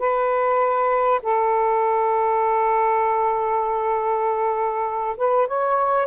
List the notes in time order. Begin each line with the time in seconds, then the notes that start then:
0.00 B4
1.23 A4
5.18 B4
5.48 C#5